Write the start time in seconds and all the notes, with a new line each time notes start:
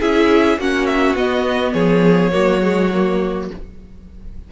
0.00 C#4 E4 G#4 E5
0.58 A#3 C#4 F#4 F#5
0.87 E5
1.15 B3 D#5
1.74 F3 G#4 C#5
2.32 F#3 A#3 F#4
2.62 G#3
2.94 A#3